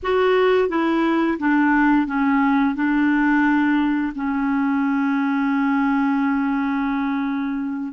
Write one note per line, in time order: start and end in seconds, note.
0.02 0.69 F#4
0.69 1.38 E4
1.39 2.06 D4
2.06 2.75 C#4
2.75 4.13 D4
4.15 7.93 C#4